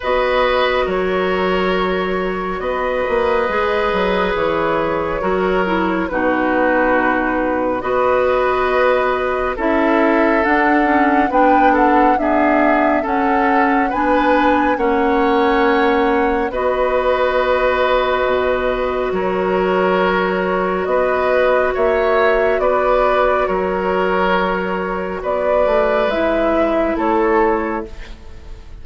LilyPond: <<
  \new Staff \with { instrumentName = "flute" } { \time 4/4 \tempo 4 = 69 dis''4 cis''2 dis''4~ | dis''4 cis''2 b'4~ | b'4 dis''2 e''4 | fis''4 g''8 fis''8 e''4 fis''4 |
gis''4 fis''2 dis''4~ | dis''2 cis''2 | dis''4 e''4 d''4 cis''4~ | cis''4 d''4 e''4 cis''4 | }
  \new Staff \with { instrumentName = "oboe" } { \time 4/4 b'4 ais'2 b'4~ | b'2 ais'4 fis'4~ | fis'4 b'2 a'4~ | a'4 b'8 a'8 gis'4 a'4 |
b'4 cis''2 b'4~ | b'2 ais'2 | b'4 cis''4 b'4 ais'4~ | ais'4 b'2 a'4 | }
  \new Staff \with { instrumentName = "clarinet" } { \time 4/4 fis'1 | gis'2 fis'8 e'8 dis'4~ | dis'4 fis'2 e'4 | d'8 cis'8 d'4 b4 cis'4 |
d'4 cis'2 fis'4~ | fis'1~ | fis'1~ | fis'2 e'2 | }
  \new Staff \with { instrumentName = "bassoon" } { \time 4/4 b4 fis2 b8 ais8 | gis8 fis8 e4 fis4 b,4~ | b,4 b2 cis'4 | d'4 b4 d'4 cis'4 |
b4 ais2 b4~ | b4 b,4 fis2 | b4 ais4 b4 fis4~ | fis4 b8 a8 gis4 a4 | }
>>